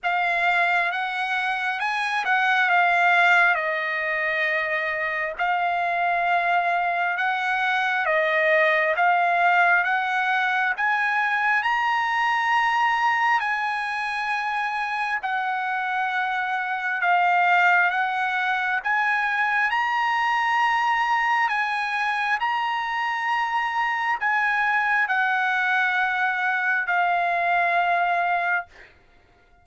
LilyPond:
\new Staff \with { instrumentName = "trumpet" } { \time 4/4 \tempo 4 = 67 f''4 fis''4 gis''8 fis''8 f''4 | dis''2 f''2 | fis''4 dis''4 f''4 fis''4 | gis''4 ais''2 gis''4~ |
gis''4 fis''2 f''4 | fis''4 gis''4 ais''2 | gis''4 ais''2 gis''4 | fis''2 f''2 | }